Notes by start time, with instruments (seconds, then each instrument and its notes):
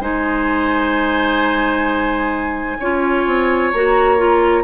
0.00 bassoon G#3, clarinet D#4, oboe C5, flute G#5
2.80 bassoon C#4, clarinet F4, oboe C#5
3.27 bassoon C4
3.72 bassoon A#3, clarinet F#4, flute A#5
4.18 clarinet F4